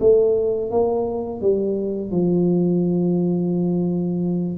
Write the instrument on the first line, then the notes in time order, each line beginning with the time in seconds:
tuba
0.00 A3
0.71 A#3
1.41 G3
2.11 F3